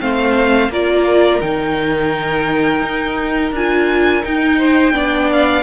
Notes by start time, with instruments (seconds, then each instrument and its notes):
0.00 cello A3, viola C4, violin C5 F5
0.69 cello A#3, viola F4, violin A#4 D5
1.41 cello D#3, viola D#4, violin G5
2.82 cello D#4
3.52 cello D4, viola F4, violin G#5
4.23 viola D#4, cello D#4, violin G5
4.58 violin C5
4.93 cello B3, viola D4, violin D5
5.32 violin F5